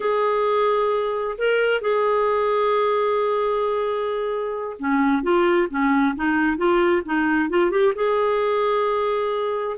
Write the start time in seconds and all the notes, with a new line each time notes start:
0.00 G#4
1.38 A#4
1.81 G#4
4.79 C#4
5.22 F4
5.69 C#4
6.15 D#4
6.57 F4
7.05 D#4
7.49 F4
7.70 G4
7.95 G#4